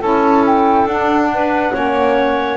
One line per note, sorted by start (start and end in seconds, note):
0.00 0.86 C#4
0.00 0.87 E4
0.00 1.29 A4
0.00 0.45 A5
0.46 0.87 G5
0.86 1.71 D4
0.86 1.73 D4
0.86 2.57 F#5
1.34 1.73 B4
1.73 2.57 A#3
1.73 2.57 C#4
1.73 2.57 C#5